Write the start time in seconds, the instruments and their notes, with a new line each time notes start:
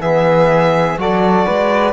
0.00 cello E3, trombone B3, flute G#4, violin E5
0.98 cello F#3, trombone F#4, flute A4, violin D5
1.46 cello G#3, flute B4